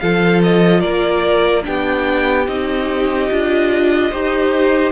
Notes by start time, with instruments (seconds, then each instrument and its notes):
0.00 cello F3, viola F4, violin A4 F5
0.43 violin D#5
0.81 cello A#3, violin A#4 D5
1.63 cello B3, viola D4, violin G4 G5
2.48 cello C4, viola D#4, violin D#5
3.31 cello D4, viola F4
4.11 cello D#4, viola G4, violin C5